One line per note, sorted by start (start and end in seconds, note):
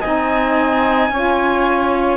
0.00 1.10 C4
0.00 1.11 D#4
0.00 1.09 D#5
0.00 2.17 G#5
1.10 2.17 C#4
1.10 2.17 F4
1.10 2.17 C#5